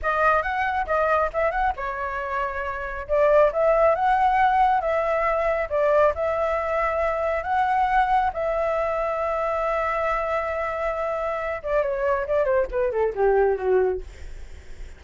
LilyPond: \new Staff \with { instrumentName = "flute" } { \time 4/4 \tempo 4 = 137 dis''4 fis''4 dis''4 e''8 fis''8 | cis''2. d''4 | e''4 fis''2 e''4~ | e''4 d''4 e''2~ |
e''4 fis''2 e''4~ | e''1~ | e''2~ e''8 d''8 cis''4 | d''8 c''8 b'8 a'8 g'4 fis'4 | }